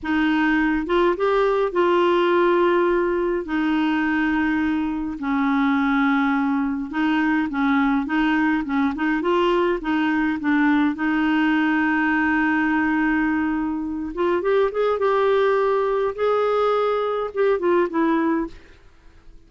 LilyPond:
\new Staff \with { instrumentName = "clarinet" } { \time 4/4 \tempo 4 = 104 dis'4. f'8 g'4 f'4~ | f'2 dis'2~ | dis'4 cis'2. | dis'4 cis'4 dis'4 cis'8 dis'8 |
f'4 dis'4 d'4 dis'4~ | dis'1~ | dis'8 f'8 g'8 gis'8 g'2 | gis'2 g'8 f'8 e'4 | }